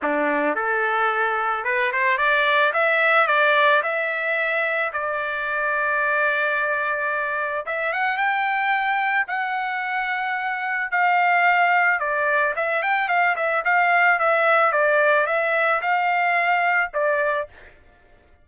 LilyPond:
\new Staff \with { instrumentName = "trumpet" } { \time 4/4 \tempo 4 = 110 d'4 a'2 b'8 c''8 | d''4 e''4 d''4 e''4~ | e''4 d''2.~ | d''2 e''8 fis''8 g''4~ |
g''4 fis''2. | f''2 d''4 e''8 g''8 | f''8 e''8 f''4 e''4 d''4 | e''4 f''2 d''4 | }